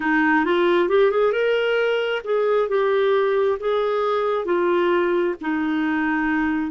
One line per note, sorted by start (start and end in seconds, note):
0.00 0.45 D#4
0.45 0.88 F4
0.88 1.11 G4
1.11 1.32 G#4
1.32 2.21 A#4
2.24 2.68 G#4
2.68 3.58 G4
3.59 4.45 G#4
4.45 5.34 F4
5.41 6.71 D#4